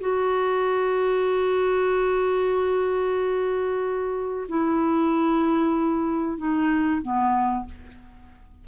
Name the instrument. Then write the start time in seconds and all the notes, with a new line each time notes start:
clarinet
0.00 F#4
4.49 E4
6.38 D#4
7.02 B3